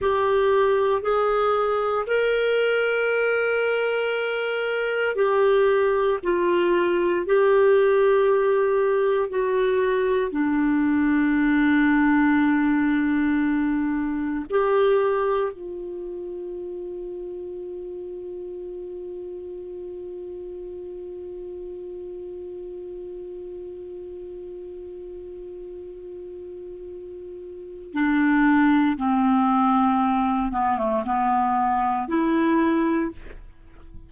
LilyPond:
\new Staff \with { instrumentName = "clarinet" } { \time 4/4 \tempo 4 = 58 g'4 gis'4 ais'2~ | ais'4 g'4 f'4 g'4~ | g'4 fis'4 d'2~ | d'2 g'4 f'4~ |
f'1~ | f'1~ | f'2. d'4 | c'4. b16 a16 b4 e'4 | }